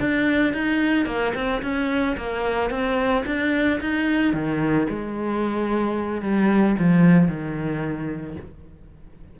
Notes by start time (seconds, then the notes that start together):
0.00 D4
0.54 D#4
1.06 A#3
1.35 C4
1.62 C#4
2.17 A#3
2.71 C4
3.26 D4
3.81 D#4
4.34 D#3
4.90 G#3
6.22 G3
6.79 F3
7.29 D#3